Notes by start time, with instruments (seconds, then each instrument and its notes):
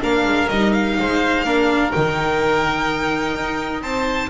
0.00 double bass A#3, viola D4, oboe A#4, violin F5
0.24 double bass G#3
0.48 double bass G3, viola D#4, violin D#5
0.72 violin F5
0.99 double bass G#3, oboe C5
1.43 double bass A#3, viola D4, oboe A#4
1.91 double bass D#3, viola D#4, violin G5
3.34 double bass D#4
3.81 double bass C4, oboe C5, violin A5